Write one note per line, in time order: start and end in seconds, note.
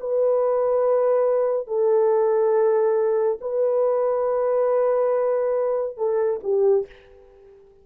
0.00 1.68 B4
1.68 3.39 A4
3.41 5.97 B4
5.97 6.40 A4
6.43 6.86 G4